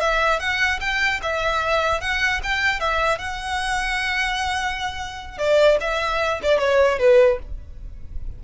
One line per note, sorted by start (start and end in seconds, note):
0.00 0.39 E5
0.39 0.79 F#5
0.80 1.20 G5
1.22 2.00 E5
2.00 2.40 F#5
2.43 2.79 G5
2.79 3.18 E5
3.18 5.38 F#5
5.38 5.78 D5
5.80 6.40 E5
6.42 6.59 D5
6.59 6.98 C#5
6.98 7.38 B4